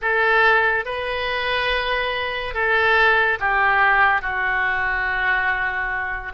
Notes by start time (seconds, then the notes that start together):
0.01 A4
0.85 B4
2.54 A4
3.39 G4
4.21 F#4